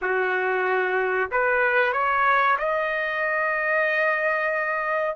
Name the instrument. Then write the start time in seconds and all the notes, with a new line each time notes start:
trumpet
0.01 F#4
1.31 B4
1.92 C#5
2.58 D#5